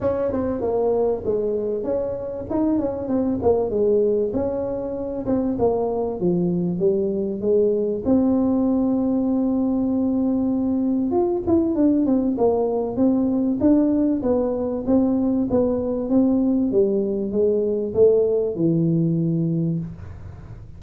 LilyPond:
\new Staff \with { instrumentName = "tuba" } { \time 4/4 \tempo 4 = 97 cis'8 c'8 ais4 gis4 cis'4 | dis'8 cis'8 c'8 ais8 gis4 cis'4~ | cis'8 c'8 ais4 f4 g4 | gis4 c'2.~ |
c'2 f'8 e'8 d'8 c'8 | ais4 c'4 d'4 b4 | c'4 b4 c'4 g4 | gis4 a4 e2 | }